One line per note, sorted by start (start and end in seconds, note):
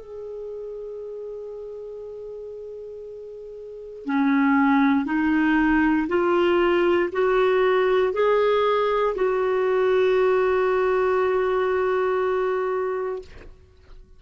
0.00 4.06 G#4
4.06 5.06 C#4
5.06 6.07 D#4
6.08 7.10 F4
7.13 8.14 F#4
8.14 9.15 G#4
9.16 13.22 F#4